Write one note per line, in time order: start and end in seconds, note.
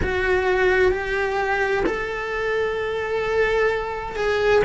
0.02 0.91 F#4
0.91 1.83 G4
1.86 4.16 A4
4.16 4.62 G#4